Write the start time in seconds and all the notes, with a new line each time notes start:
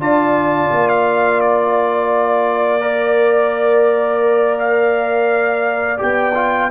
0.00 D4 F4 D5 A5
0.71 A#3
0.89 F5
1.41 D5
2.80 A#4
4.59 F5
5.97 B3 G4 G5
6.35 F4